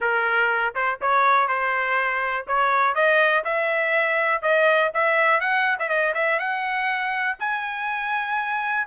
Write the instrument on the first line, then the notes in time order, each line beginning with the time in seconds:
trumpet
0.00 A#4
0.74 C5
1.01 C#5
1.48 C5
2.47 C#5
2.94 D#5
3.44 E5
4.42 D#5
4.93 E5
5.40 F#5
5.79 E5
5.88 D#5
6.14 E5
6.39 F#5
7.39 G#5